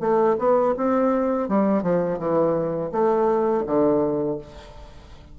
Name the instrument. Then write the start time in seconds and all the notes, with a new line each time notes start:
bassoon
0.00 A3
0.38 B3
0.77 C4
1.48 G3
1.82 F3
2.19 E3
2.91 A3
3.66 D3